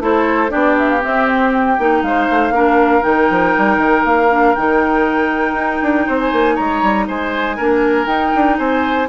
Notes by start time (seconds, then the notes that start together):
0.00 A3 E4 A4 C5
0.49 B3 D4 G4 D5
0.78 E5
0.90 F5
1.01 C4 E5
1.27 C5
1.53 G5
1.79 A#3 D#4
2.02 G#3 C5 F5
2.30 A3
2.51 A#3 D4 A#4
3.02 D#3 D#4 G5
3.31 F3
3.58 G3
3.78 D#3
4.05 A#3 F5
4.30 D4
4.55 D#3 D#4 G5
5.54 D#4
5.82 D4
6.07 C4 C5
6.19 G#5
6.33 A#3
6.55 G#3 C#5 A#5
6.82 G3
7.08 G#3 C5 G#5
7.57 A#3 D4 A#4
8.06 D#4 G5
8.35 D4
8.58 C4 C5 G#5